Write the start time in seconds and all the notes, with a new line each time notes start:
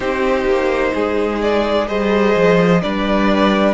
0.00 C4 D#4 G4 C5
0.45 A#3
0.94 G#3 G#4
1.41 D5
1.86 G3 G#4 C5 D#5
2.35 F3
2.82 G3 D4 B4 D5